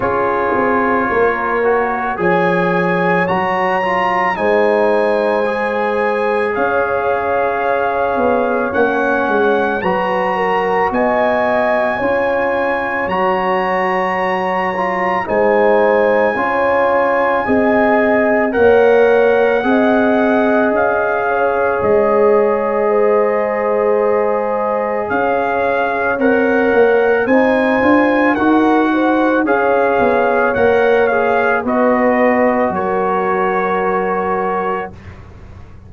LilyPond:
<<
  \new Staff \with { instrumentName = "trumpet" } { \time 4/4 \tempo 4 = 55 cis''2 gis''4 ais''4 | gis''2 f''2 | fis''4 ais''4 gis''2 | ais''2 gis''2~ |
gis''4 fis''2 f''4 | dis''2. f''4 | fis''4 gis''4 fis''4 f''4 | fis''8 f''8 dis''4 cis''2 | }
  \new Staff \with { instrumentName = "horn" } { \time 4/4 gis'4 ais'4 cis''2 | c''2 cis''2~ | cis''4 b'8 ais'8 dis''4 cis''4~ | cis''2 c''4 cis''4 |
dis''4 cis''4 dis''4. cis''8~ | cis''4 c''2 cis''4~ | cis''4 c''4 ais'8 c''8 cis''4~ | cis''4 b'4 ais'2 | }
  \new Staff \with { instrumentName = "trombone" } { \time 4/4 f'4. fis'8 gis'4 fis'8 f'8 | dis'4 gis'2. | cis'4 fis'2 f'4 | fis'4. f'8 dis'4 f'4 |
gis'4 ais'4 gis'2~ | gis'1 | ais'4 dis'8 f'8 fis'4 gis'4 | ais'8 gis'8 fis'2. | }
  \new Staff \with { instrumentName = "tuba" } { \time 4/4 cis'8 c'8 ais4 f4 fis4 | gis2 cis'4. b8 | ais8 gis8 fis4 b4 cis'4 | fis2 gis4 cis'4 |
c'4 ais4 c'4 cis'4 | gis2. cis'4 | c'8 ais8 c'8 d'8 dis'4 cis'8 b8 | ais4 b4 fis2 | }
>>